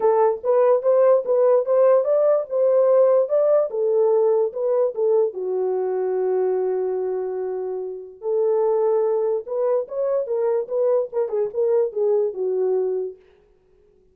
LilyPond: \new Staff \with { instrumentName = "horn" } { \time 4/4 \tempo 4 = 146 a'4 b'4 c''4 b'4 | c''4 d''4 c''2 | d''4 a'2 b'4 | a'4 fis'2.~ |
fis'1 | a'2. b'4 | cis''4 ais'4 b'4 ais'8 gis'8 | ais'4 gis'4 fis'2 | }